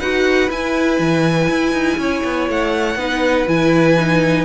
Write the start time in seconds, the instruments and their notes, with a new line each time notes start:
0.00 cello D#4, viola F#4, violin B4 F#5
0.49 viola E4, cello E4, violin G#5
0.99 cello E3
1.49 cello E4
1.73 cello D#4
1.98 cello C#4, violin C#5
2.24 cello B3
2.49 cello A3, violin F#5
2.96 cello B3, viola D#4, violin B4
3.47 cello E3, viola E4, violin G#5
3.99 viola D#4